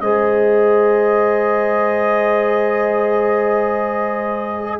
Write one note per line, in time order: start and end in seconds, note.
0.00 4.79 G#3
0.00 4.79 G#4
0.00 4.79 C5
0.00 4.79 D#5